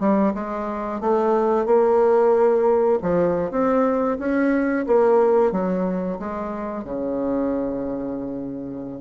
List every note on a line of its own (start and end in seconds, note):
0.00 0.33 G3
0.35 1.01 G#3
1.01 1.66 A3
1.66 2.99 A#3
3.03 3.52 F3
3.52 4.18 C4
4.20 4.86 C#4
4.87 5.52 A#3
5.52 6.19 F#3
6.19 6.85 G#3
6.85 9.01 C#3